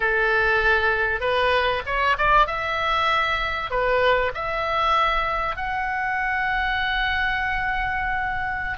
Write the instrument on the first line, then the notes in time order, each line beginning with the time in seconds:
oboe
0.00 A4
1.20 B4
1.86 C#5
2.17 D5
2.47 E5
3.70 B4
4.34 E5
5.56 F#5